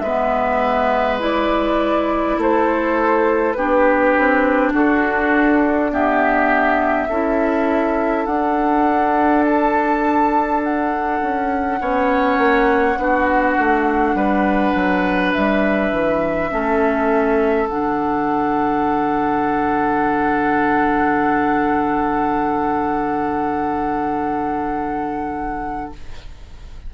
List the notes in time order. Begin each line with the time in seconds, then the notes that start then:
0.00 G#3 B4 E5
0.06 B3
1.19 E4 D5
2.38 A3 A4 C5
3.53 B3 D4 G4 B4
4.18 C4
4.73 D4 F#4 A4
5.91 B3 G4 E5
7.09 C#4 E4 A4
8.26 D4 F#5
9.45 A5
10.63 F#5
11.22 C#4
11.79 B3 C#4 C#5
12.38 A#3
12.97 B3 D4 F#4
13.58 A3
14.14 G3 B4
14.74 F#3
15.33 G3 E5
15.92 E3
16.50 A3 C#4 A4
17.68 D3 D4 F#5